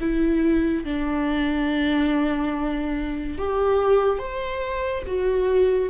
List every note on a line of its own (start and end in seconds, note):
0.00 0.84 E4
0.84 3.38 D4
3.38 4.18 G4
4.18 5.03 C5
5.06 5.89 F#4